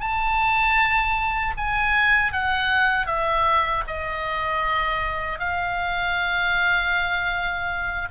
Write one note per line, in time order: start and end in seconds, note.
0.00 1.54 A5
1.57 2.32 G#5
2.32 3.06 F#5
3.06 3.83 E5
3.87 5.39 D#5
5.39 8.08 F5